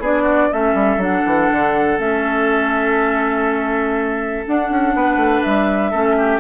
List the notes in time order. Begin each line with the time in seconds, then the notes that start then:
0.00 B3 D4 G#4 D5
0.23 F#4
0.52 A3 C#4 A4 E5
0.74 G3
0.97 F#3 D4 F#5
1.26 E3
1.52 D3
1.98 A3 C#4 E5
4.47 D4 F#5
4.70 C#4
4.95 B3 B4
5.17 A3
5.43 G3 E5
5.91 A3 C#4 A4
6.18 G4